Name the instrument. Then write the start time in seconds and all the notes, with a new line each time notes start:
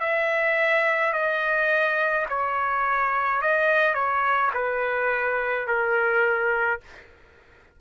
trumpet
0.00 E5
1.13 D#5
2.30 C#5
3.42 D#5
3.95 C#5
4.54 B4
5.67 A#4